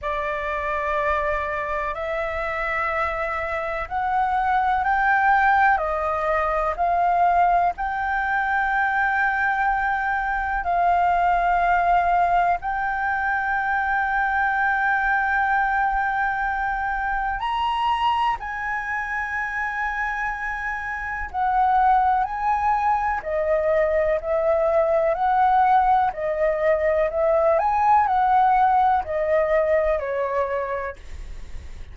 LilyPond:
\new Staff \with { instrumentName = "flute" } { \time 4/4 \tempo 4 = 62 d''2 e''2 | fis''4 g''4 dis''4 f''4 | g''2. f''4~ | f''4 g''2.~ |
g''2 ais''4 gis''4~ | gis''2 fis''4 gis''4 | dis''4 e''4 fis''4 dis''4 | e''8 gis''8 fis''4 dis''4 cis''4 | }